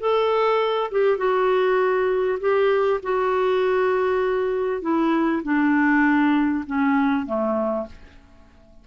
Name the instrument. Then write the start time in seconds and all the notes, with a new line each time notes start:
clarinet
0.00 A4
0.91 G4
1.17 F#4
2.40 G4
3.02 F#4
4.82 E4
5.43 D4
6.66 C#4
7.26 A3